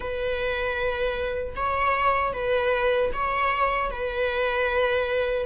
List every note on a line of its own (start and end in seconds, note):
0.00 1.54 B4
1.56 2.33 C#5
2.33 3.11 B4
3.13 3.90 C#5
3.90 5.45 B4